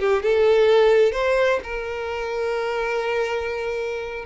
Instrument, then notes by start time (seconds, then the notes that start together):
violin
0.00 G4
0.23 A4
1.13 C5
1.64 A#4